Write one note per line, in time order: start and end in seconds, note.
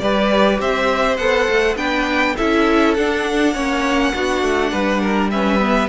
0.00 0.60 G3
0.00 1.20 G4
0.00 0.61 B4
0.00 0.59 D5
0.61 1.19 C4
0.61 1.77 C5
0.61 1.17 E5
1.17 1.48 B3
1.17 1.77 A4
1.17 1.76 F#5
1.49 1.76 A3
1.76 2.35 B3
1.76 2.36 D4
1.76 2.36 B4
1.76 2.37 G5
2.37 2.98 C#4
2.37 2.98 E4
2.37 3.54 A4
2.37 2.95 E5
2.95 3.55 D4
2.95 5.30 F#5
3.54 4.14 A#3
3.54 4.14 C#4
3.54 4.13 C#5
4.14 4.43 B3
4.14 5.32 D4
4.14 4.72 F#4
4.43 4.72 A3
4.72 5.90 G3
4.72 5.01 B4
5.01 5.31 A#4
5.31 5.60 C#4
5.31 5.90 B4
5.31 5.90 E5
5.60 5.89 B3